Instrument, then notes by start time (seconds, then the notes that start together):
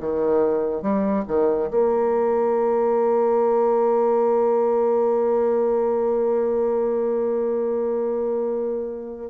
bassoon
0.00 D#3
0.82 G3
1.28 D#3
1.71 A#3